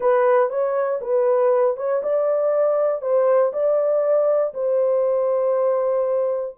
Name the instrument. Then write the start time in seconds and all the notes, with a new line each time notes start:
horn
0.00 B4
0.49 C#5
1.01 B4
1.76 C#5
2.02 D5
3.01 C5
3.52 D5
4.54 C5